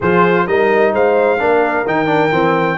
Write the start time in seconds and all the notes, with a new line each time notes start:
0.00 F3 F4 G#4 C5
0.47 G3 D#4 A#4 D#5
0.92 G#3 C5 F5
1.38 A#3 D4 A#4
1.86 D#3 D#4 G5
2.06 D4
2.31 E3 C4